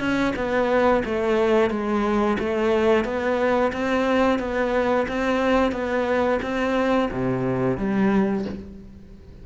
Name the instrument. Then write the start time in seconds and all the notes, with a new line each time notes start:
cello
0.00 C#4
0.36 B3
1.05 A3
1.70 G#3
2.39 A3
3.05 B3
3.73 C4
4.39 B3
5.08 C4
5.72 B3
6.43 C4
7.12 C3
7.78 G3